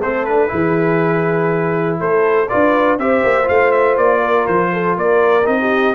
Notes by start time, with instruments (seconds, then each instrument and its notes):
0.00 tuba A3, trombone C4, horn A4, trumpet C5
0.25 trombone D4, trumpet B4
0.48 tuba E3, trombone E4, horn G#4
2.00 tuba A3, horn A4, trumpet C5
2.48 tuba D4, trombone F4, horn B4, trumpet D5
2.98 tuba C4, trombone G4, horn C5, trumpet E5
3.23 tuba A#3
3.44 tuba A3, trombone F4, trumpet F5
3.72 trumpet E5
3.97 tuba A#3, trumpet D5
4.20 horn A#4
4.47 tuba F3, trumpet C5
4.73 horn A4
4.96 tuba A#3, horn A#4, trumpet D5
5.45 tuba C4, trombone D#4, trumpet D#5
5.60 horn G4